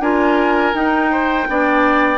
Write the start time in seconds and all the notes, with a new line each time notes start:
0.00 D4 F4 A#4 G#5
0.74 D#4 G5
1.11 C5
1.49 B3 D4 D5